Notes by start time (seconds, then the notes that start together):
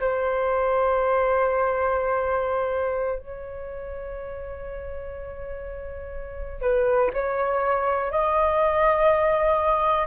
0.00 C5
3.19 C#5
6.62 B4
7.13 C#5
8.11 D#5